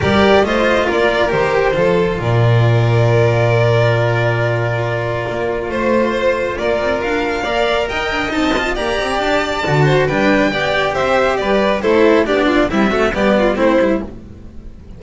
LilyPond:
<<
  \new Staff \with { instrumentName = "violin" } { \time 4/4 \tempo 4 = 137 d''4 dis''4 d''4 c''4~ | c''4 d''2.~ | d''1~ | d''4 c''2 d''4 |
f''2 g''4 a''4 | ais''4 a''2 g''4~ | g''4 e''4 d''4 c''4 | d''4 e''4 d''4 c''4 | }
  \new Staff \with { instrumentName = "violin" } { \time 4/4 ais'4 c''4 ais'2 | a'4 ais'2.~ | ais'1~ | ais'4 c''2 ais'4~ |
ais'4 d''4 dis''2 | d''2~ d''8 c''8 b'4 | d''4 c''4 b'4 a'4 | g'8 f'8 e'8 fis'8 g'8 f'8 e'4 | }
  \new Staff \with { instrumentName = "cello" } { \time 4/4 g'4 f'2 g'4 | f'1~ | f'1~ | f'1~ |
f'4 ais'2 dis'8 f'8 | g'2 fis'4 d'4 | g'2. e'4 | d'4 g8 a8 b4 c'8 e'8 | }
  \new Staff \with { instrumentName = "double bass" } { \time 4/4 g4 a4 ais4 dis4 | f4 ais,2.~ | ais,1 | ais4 a2 ais8 c'8 |
d'4 ais4 dis'8 d'8 c'4 | ais8 c'8 d'4 d4 g4 | b4 c'4 g4 a4 | b4 c'4 g4 a8 g8 | }
>>